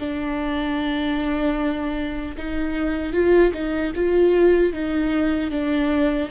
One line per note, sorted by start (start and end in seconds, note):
0.00 2.37 D4
2.38 3.14 D#4
3.14 3.53 F4
3.54 3.93 D#4
3.96 4.74 F4
4.74 5.51 D#4
5.51 6.30 D4